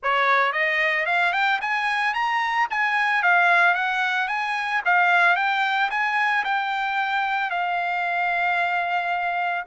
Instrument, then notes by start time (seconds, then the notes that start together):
trumpet
0.02 C#5
0.52 D#5
1.05 F5
1.32 G5
1.61 G#5
2.14 A#5
2.70 G#5
3.23 F5
3.74 F#5
4.28 G#5
4.85 F5
5.35 G5
5.90 G#5
6.44 G5
7.50 F5